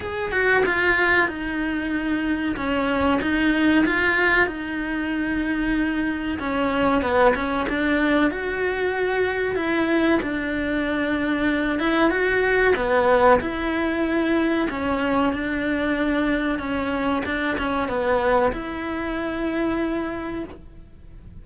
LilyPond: \new Staff \with { instrumentName = "cello" } { \time 4/4 \tempo 4 = 94 gis'8 fis'8 f'4 dis'2 | cis'4 dis'4 f'4 dis'4~ | dis'2 cis'4 b8 cis'8 | d'4 fis'2 e'4 |
d'2~ d'8 e'8 fis'4 | b4 e'2 cis'4 | d'2 cis'4 d'8 cis'8 | b4 e'2. | }